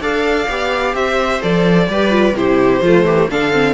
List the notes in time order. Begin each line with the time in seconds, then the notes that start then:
0.00 D4 A4 D5 F5
0.48 B3 G4
0.94 C4 C5 E5
1.42 F3 A4 D5
1.88 G3 G4 B4
2.10 F4
2.33 C3 E4 G4 C5
2.82 F3 A3 F4
3.03 E3 G4
3.30 D3 D4 A4 F5
3.52 C4